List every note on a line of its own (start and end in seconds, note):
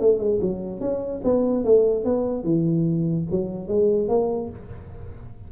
0.00 0.19 A3
0.19 0.39 G#3
0.41 0.80 F#3
0.80 1.21 C#4
1.24 1.64 B3
1.64 2.04 A3
2.04 2.44 B3
2.44 3.26 E3
3.31 3.68 F#3
3.68 4.09 G#3
4.09 4.50 A#3